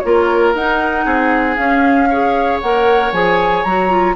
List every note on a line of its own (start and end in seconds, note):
0.00 0.55 A#3
0.00 0.56 F4
0.00 0.52 C#5
0.06 1.05 A#4
0.55 1.06 D#4
0.55 1.57 D#4
0.55 1.57 F#5
1.05 1.57 C4
1.05 2.09 G#4
1.57 2.09 C#4
1.57 2.62 C#4
1.57 2.60 F5
2.10 2.63 G#4
2.10 4.16 C#5
2.61 3.12 A#3
2.61 3.14 A#4
2.61 3.13 F#5
3.12 3.64 F3
3.12 3.65 G#4
3.12 3.64 G#5
3.64 4.16 F#3
3.64 3.90 F#4
3.64 4.15 A#5
3.90 4.15 F4